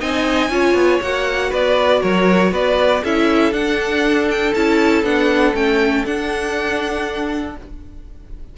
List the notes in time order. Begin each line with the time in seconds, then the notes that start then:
0.00 C4 D#4 D#5 G#5
0.49 C#4 F4 C#5
0.74 B3
1.01 A#3 F#4 F#5
1.50 B3 B4 D5
2.01 F#3 A#4 C#5
2.52 B3 B4 D5
3.03 C#4 E4 A4 E5
3.52 D4 F#5
4.30 G5
4.54 C#4 E4 A5
5.03 B3 D4 F#5
5.54 A3 C#4 G5
6.05 D4 F#5